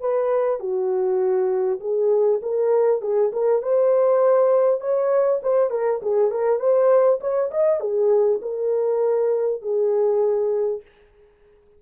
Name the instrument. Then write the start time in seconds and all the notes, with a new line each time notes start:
horn
0.00 B4
0.59 F#4
1.80 G#4
2.42 A#4
3.01 G#4
3.32 A#4
3.62 C5
4.80 C#5
5.42 C5
5.70 A#4
6.02 G#4
6.31 A#4
6.59 C5
7.20 C#5
7.51 D#5
7.80 G#4
8.41 A#4
9.61 G#4